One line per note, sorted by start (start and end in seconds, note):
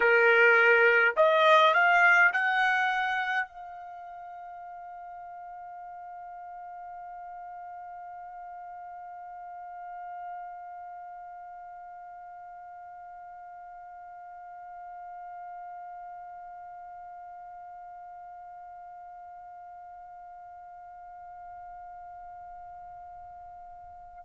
0.00 1.14 A#4
1.16 1.74 D#5
1.74 2.31 F5
2.32 3.47 F#5
3.47 24.24 F5